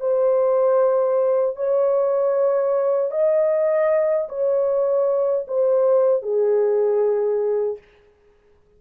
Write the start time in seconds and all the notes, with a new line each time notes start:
0.00 C5
1.56 C#5
3.11 D#5
4.29 C#5
5.48 C5
6.22 G#4